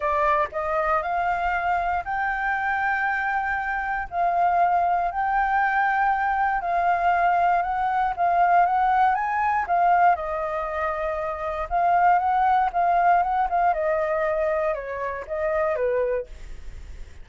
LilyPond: \new Staff \with { instrumentName = "flute" } { \time 4/4 \tempo 4 = 118 d''4 dis''4 f''2 | g''1 | f''2 g''2~ | g''4 f''2 fis''4 |
f''4 fis''4 gis''4 f''4 | dis''2. f''4 | fis''4 f''4 fis''8 f''8 dis''4~ | dis''4 cis''4 dis''4 b'4 | }